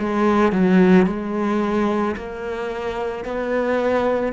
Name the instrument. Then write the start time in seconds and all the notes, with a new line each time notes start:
cello
0.00 G#3
0.53 F#3
1.07 G#3
2.17 A#3
3.25 B3